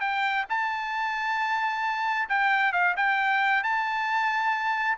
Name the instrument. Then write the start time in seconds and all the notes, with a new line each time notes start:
trumpet
0.00 G5
0.49 A5
2.29 G5
2.72 F5
2.96 G5
3.63 A5